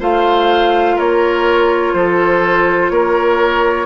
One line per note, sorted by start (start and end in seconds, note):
0.00 0.98 A3
0.00 3.87 F4
0.00 0.96 C5
0.00 0.99 F5
0.96 1.94 A#3
0.96 1.93 A#4
0.96 1.95 C#5
1.94 2.91 F3
1.94 2.92 A4
1.94 2.90 C5
2.90 3.87 A#3
2.90 3.87 A#4
2.90 3.87 C#5